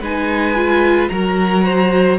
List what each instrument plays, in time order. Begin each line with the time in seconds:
0.00 cello G#3, viola D#4, violin B4 G#5
0.55 viola F4
1.08 cello F#3, viola F#4, violin A#4 A#5
1.65 violin C5